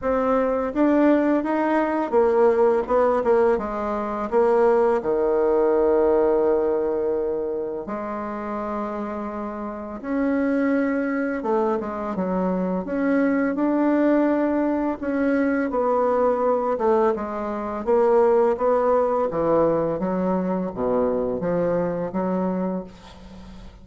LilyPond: \new Staff \with { instrumentName = "bassoon" } { \time 4/4 \tempo 4 = 84 c'4 d'4 dis'4 ais4 | b8 ais8 gis4 ais4 dis4~ | dis2. gis4~ | gis2 cis'2 |
a8 gis8 fis4 cis'4 d'4~ | d'4 cis'4 b4. a8 | gis4 ais4 b4 e4 | fis4 b,4 f4 fis4 | }